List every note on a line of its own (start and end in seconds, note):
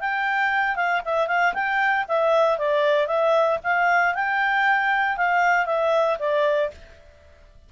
0.00 0.75 G5
0.75 1.01 F5
1.05 1.27 E5
1.27 1.53 F5
1.54 2.05 G5
2.08 2.58 E5
2.58 3.07 D5
3.07 3.59 E5
3.63 4.14 F5
4.14 5.17 G5
5.17 5.66 F5
5.66 6.18 E5
6.19 6.71 D5